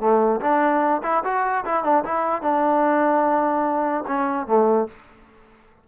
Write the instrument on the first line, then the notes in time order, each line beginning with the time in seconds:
trombone
0.00 A3
0.41 D4
1.03 E4
1.24 F#4
1.65 E4
1.84 D4
2.05 E4
2.42 D4
4.07 C#4
4.47 A3